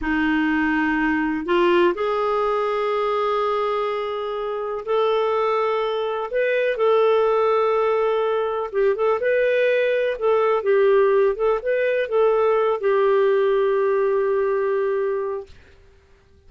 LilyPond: \new Staff \with { instrumentName = "clarinet" } { \time 4/4 \tempo 4 = 124 dis'2. f'4 | gis'1~ | gis'2 a'2~ | a'4 b'4 a'2~ |
a'2 g'8 a'8 b'4~ | b'4 a'4 g'4. a'8 | b'4 a'4. g'4.~ | g'1 | }